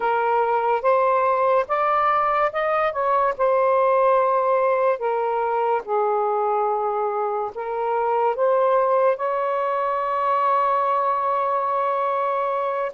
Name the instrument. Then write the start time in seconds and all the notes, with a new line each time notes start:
saxophone
0.00 A#4
0.82 C5
1.68 D5
2.52 D#5
2.92 C#5
3.37 C5
4.98 A#4
5.84 G#4
7.55 A#4
8.35 C5
9.17 C#5